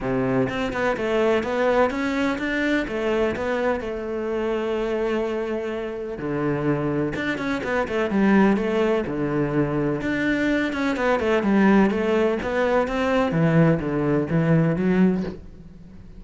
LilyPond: \new Staff \with { instrumentName = "cello" } { \time 4/4 \tempo 4 = 126 c4 c'8 b8 a4 b4 | cis'4 d'4 a4 b4 | a1~ | a4 d2 d'8 cis'8 |
b8 a8 g4 a4 d4~ | d4 d'4. cis'8 b8 a8 | g4 a4 b4 c'4 | e4 d4 e4 fis4 | }